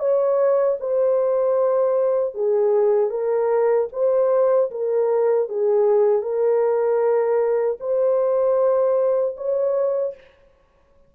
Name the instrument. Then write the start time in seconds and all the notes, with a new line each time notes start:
horn
0.00 C#5
0.80 C5
2.35 G#4
3.11 A#4
3.93 C5
4.71 A#4
5.49 G#4
6.22 A#4
7.80 C5
9.37 C#5